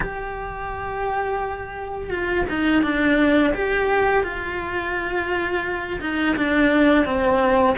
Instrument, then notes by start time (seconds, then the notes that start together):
cello
0.00 G4
2.10 F4
2.49 D#4
2.82 D4
3.54 G4
4.23 F4
6.00 D#4
6.36 D4
7.05 C4